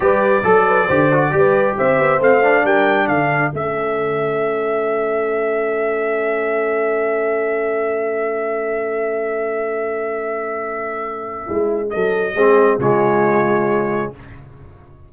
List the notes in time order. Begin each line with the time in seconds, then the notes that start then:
0.00 G3 G4 B4 D5
0.43 F#3 A4
0.67 B4
0.86 D3 G4 C5
1.12 F#4
1.31 G3 G4 B4
1.76 C4 C5 E5
1.99 B3
2.19 A3 C4 F5
2.42 D4
2.63 G3 A#4 G5
3.07 D3 A4 F5
3.52 A3 C#4 E5
11.46 G#3 E4
11.90 F#3 A4 D#5
12.34 G#3 C4 G#4
12.79 C#3 G#3 F4 C#5